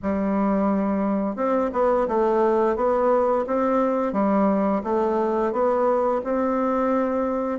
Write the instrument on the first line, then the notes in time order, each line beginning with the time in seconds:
bassoon
0.02 G3
1.35 C4
1.72 B3
2.08 A3
2.76 B3
3.46 C4
4.13 G3
4.83 A3
5.52 B3
6.24 C4